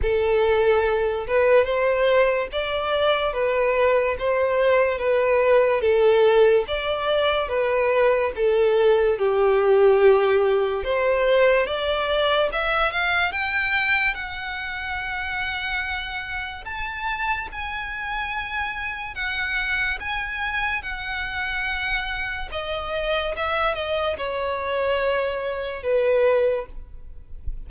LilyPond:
\new Staff \with { instrumentName = "violin" } { \time 4/4 \tempo 4 = 72 a'4. b'8 c''4 d''4 | b'4 c''4 b'4 a'4 | d''4 b'4 a'4 g'4~ | g'4 c''4 d''4 e''8 f''8 |
g''4 fis''2. | a''4 gis''2 fis''4 | gis''4 fis''2 dis''4 | e''8 dis''8 cis''2 b'4 | }